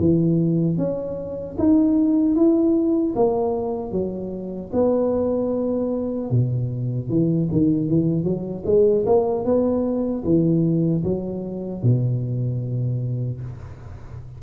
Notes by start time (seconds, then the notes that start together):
0.00 E3
0.78 C#4
1.59 D#4
2.36 E4
3.16 A#3
3.92 F#3
4.73 B3
6.31 B2
7.09 E3
7.52 D#3
7.89 E3
8.24 F#3
8.66 G#3
9.06 A#3
9.45 B3
10.25 E3
11.04 F#3
11.83 B2